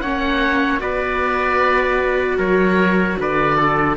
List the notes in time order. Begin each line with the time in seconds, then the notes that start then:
0.00 A#3 C#4 C#5 F#5
0.79 B3 F#4 B4 D5
2.37 F#3 A#4 C#5
3.19 D3 B4 D5
3.56 A4